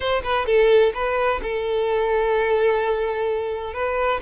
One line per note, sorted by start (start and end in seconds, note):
0.00 0.22 C5
0.23 0.46 B4
0.46 0.92 A4
0.94 1.40 B4
1.42 3.73 A4
3.73 4.20 B4